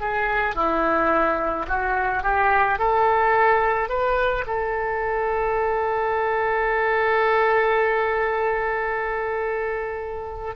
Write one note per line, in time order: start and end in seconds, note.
0.00 0.55 G#4
0.55 1.66 E4
1.68 2.23 F#4
2.23 2.78 G4
2.78 3.89 A4
3.89 4.44 B4
4.46 10.56 A4